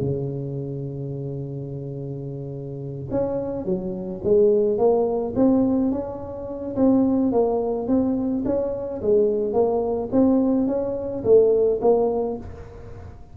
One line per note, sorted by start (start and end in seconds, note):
0.00 3.08 C#3
3.10 3.65 C#4
3.65 4.21 F#3
4.23 4.77 G#3
4.77 5.33 A#3
5.35 5.91 C4
5.91 6.75 C#4
6.76 7.32 C4
7.32 7.87 A#3
7.87 8.43 C4
8.45 9.01 C#4
9.01 9.53 G#3
9.53 10.09 A#3
10.12 10.67 C4
10.67 11.23 C#4
11.24 11.80 A3
11.81 12.37 A#3